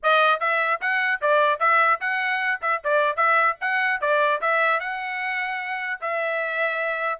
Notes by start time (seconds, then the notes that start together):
0.02 D#5
0.40 E5
0.81 F#5
1.21 D5
1.59 E5
2.00 F#5
2.61 E5
2.84 D5
3.16 E5
3.61 F#5
4.00 D5
4.41 E5
4.79 F#5
6.00 E5